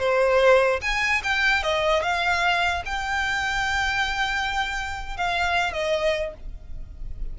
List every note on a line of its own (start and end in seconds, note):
0.00 0.81 C5
0.82 1.22 G#5
1.24 1.63 G5
1.63 2.03 D#5
2.03 2.84 F5
2.86 5.17 G5
5.17 5.73 F5
5.73 6.34 D#5